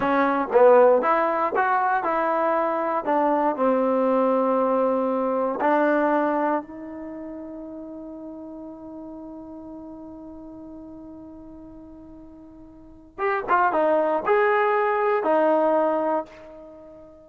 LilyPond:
\new Staff \with { instrumentName = "trombone" } { \time 4/4 \tempo 4 = 118 cis'4 b4 e'4 fis'4 | e'2 d'4 c'4~ | c'2. d'4~ | d'4 dis'2.~ |
dis'1~ | dis'1~ | dis'2 g'8 f'8 dis'4 | gis'2 dis'2 | }